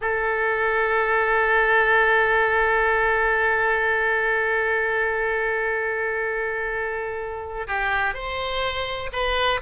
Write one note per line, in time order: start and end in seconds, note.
0.01 7.67 A4
7.67 8.14 G4
8.14 9.10 C5
9.12 9.60 B4